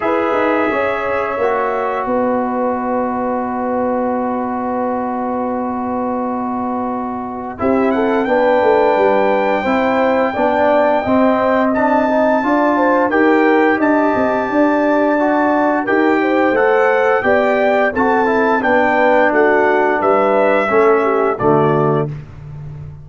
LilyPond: <<
  \new Staff \with { instrumentName = "trumpet" } { \time 4/4 \tempo 4 = 87 e''2. dis''4~ | dis''1~ | dis''2. e''8 fis''8 | g''1~ |
g''4 a''2 g''4 | a''2. g''4 | fis''4 g''4 a''4 g''4 | fis''4 e''2 d''4 | }
  \new Staff \with { instrumentName = "horn" } { \time 4/4 b'4 cis''2 b'4~ | b'1~ | b'2. g'8 a'8 | b'2 c''4 d''4 |
dis''2 d''8 c''8 ais'4 | dis''4 d''2 ais'8 c''8~ | c''4 d''4 a'4 b'4 | fis'4 b'4 a'8 g'8 fis'4 | }
  \new Staff \with { instrumentName = "trombone" } { \time 4/4 gis'2 fis'2~ | fis'1~ | fis'2. e'4 | d'2 e'4 d'4 |
c'4 d'8 dis'8 f'4 g'4~ | g'2 fis'4 g'4 | a'4 g'4 fis'8 e'8 d'4~ | d'2 cis'4 a4 | }
  \new Staff \with { instrumentName = "tuba" } { \time 4/4 e'8 dis'8 cis'4 ais4 b4~ | b1~ | b2. c'4 | b8 a8 g4 c'4 b4 |
c'2 d'4 dis'4 | d'8 c'8 d'2 dis'4 | a4 b4 c'4 b4 | a4 g4 a4 d4 | }
>>